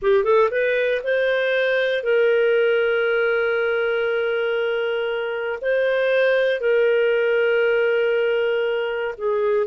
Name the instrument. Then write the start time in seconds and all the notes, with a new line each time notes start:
clarinet
0.02 G4
0.23 A4
0.50 B4
1.03 C5
2.03 A#4
5.61 C5
6.60 A#4
9.17 G#4